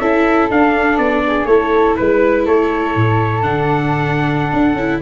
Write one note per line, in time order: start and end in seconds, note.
0.00 0.50 C#4
0.00 0.51 E4
0.00 1.23 A4
0.00 0.49 E5
0.51 0.98 D4
0.51 1.48 D4
0.51 0.98 F5
0.98 1.45 B3
0.98 1.46 D5
1.28 1.49 G#4
1.45 1.94 A3
1.45 3.43 E4
1.45 1.98 A4
1.45 1.95 C#5
1.97 2.47 G#3
1.97 2.45 B4
1.97 2.46 B4
2.46 2.96 A3
2.46 5.02 A4
2.46 3.43 C#5
2.96 3.45 A2
3.43 4.53 D3
3.43 4.77 D4
3.43 5.01 F#5
4.53 4.75 D4
4.75 4.99 C#4
4.75 5.02 E4